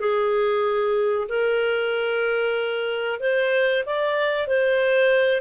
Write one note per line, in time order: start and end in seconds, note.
0.00 1.28 G#4
1.29 3.20 A#4
3.20 3.84 C5
3.86 4.48 D5
4.48 5.41 C5